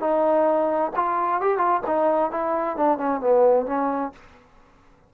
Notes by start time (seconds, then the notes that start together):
0.00 D#4
0.96 F4
1.42 G4
1.58 F4
1.87 D#4
2.32 E4
2.77 D4
2.98 C#4
3.21 B3
3.67 C#4